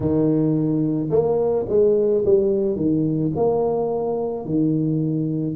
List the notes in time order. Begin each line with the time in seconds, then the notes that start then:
0.00 D#3
1.10 A#3
1.68 G#3
2.25 G3
2.76 D#3
3.36 A#3
4.45 D#3